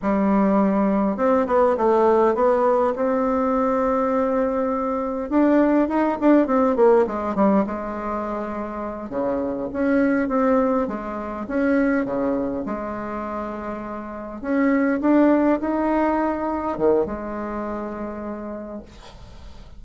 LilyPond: \new Staff \with { instrumentName = "bassoon" } { \time 4/4 \tempo 4 = 102 g2 c'8 b8 a4 | b4 c'2.~ | c'4 d'4 dis'8 d'8 c'8 ais8 | gis8 g8 gis2~ gis8 cis8~ |
cis8 cis'4 c'4 gis4 cis'8~ | cis'8 cis4 gis2~ gis8~ | gis8 cis'4 d'4 dis'4.~ | dis'8 dis8 gis2. | }